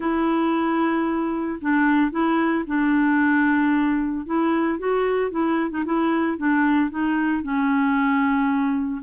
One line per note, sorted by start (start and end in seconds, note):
0.00 1.59 E4
1.61 2.11 D4
2.11 2.64 E4
2.67 4.26 D4
4.26 4.78 E4
4.78 5.30 F#4
5.30 5.70 E4
5.70 5.83 D#4
5.85 6.37 E4
6.37 6.90 D4
6.90 7.42 D#4
7.42 9.01 C#4